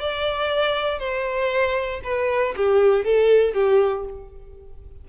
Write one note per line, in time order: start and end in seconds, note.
0.00 0.99 D5
0.99 2.01 C5
2.04 2.55 B4
2.57 3.05 G4
3.05 3.54 A4
3.54 4.05 G4